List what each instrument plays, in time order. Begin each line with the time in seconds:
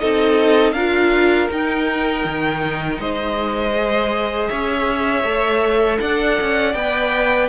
0.00 cello C4, viola D#4, violin A4 D#5
0.73 cello D4, viola F4, violin A#4 F5
1.49 viola D#4, cello D#4, violin G5
2.25 cello D#3
2.99 cello G#3, violin C5 D#5
3.78 viola G#4
4.49 cello C#4, violin C#5 E5
5.24 cello A3, viola A4
6.01 cello D4, violin D5 F#5
6.41 cello C#4
6.74 cello B3, viola B4, violin G5